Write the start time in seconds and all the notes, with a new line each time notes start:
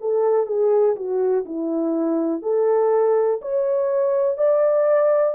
0.00 A4
0.46 G#4
0.96 F#4
1.45 E4
2.42 A4
3.41 C#5
4.37 D5